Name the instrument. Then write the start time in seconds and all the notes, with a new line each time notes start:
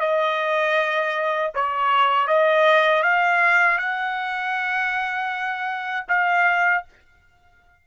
trumpet
0.00 D#5
1.54 C#5
2.27 D#5
3.03 F5
3.78 F#5
6.08 F5